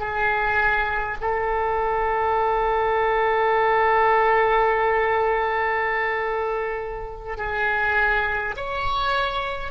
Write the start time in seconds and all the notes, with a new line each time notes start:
0.00 G#4
1.21 A4
7.37 G#4
8.57 C#5